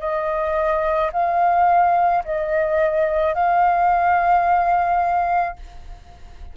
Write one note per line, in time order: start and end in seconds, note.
0.00 1.11 D#5
1.13 2.24 F5
2.25 3.34 D#5
3.34 5.57 F5